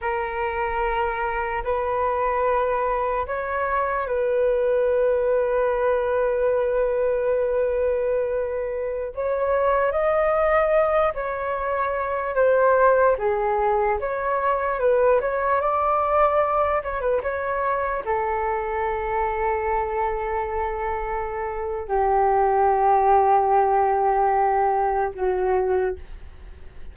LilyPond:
\new Staff \with { instrumentName = "flute" } { \time 4/4 \tempo 4 = 74 ais'2 b'2 | cis''4 b'2.~ | b'2.~ b'16 cis''8.~ | cis''16 dis''4. cis''4. c''8.~ |
c''16 gis'4 cis''4 b'8 cis''8 d''8.~ | d''8. cis''16 b'16 cis''4 a'4.~ a'16~ | a'2. g'4~ | g'2. fis'4 | }